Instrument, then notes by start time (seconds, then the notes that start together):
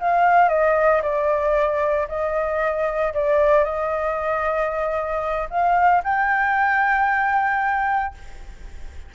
flute
0.00 F5
0.49 D#5
1.03 D5
2.09 D#5
3.14 D5
3.65 D#5
5.50 F5
6.04 G5